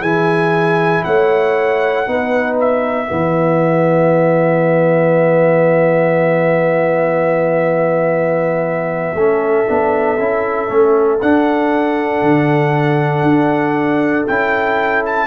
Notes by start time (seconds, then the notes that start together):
0.00 E3 E4 G#4 G#5
1.04 A3 C#5 F#5
2.06 B3 D#4 B4
2.60 E5
3.06 E3 B3 G#4
9.13 A3 C#4 A4
9.67 B3 D4
10.18 C#4 E4
10.68 A3 C#4
11.21 D4 F#5
12.21 D3
13.22 D4
14.26 C#4 E4 G5
15.05 A5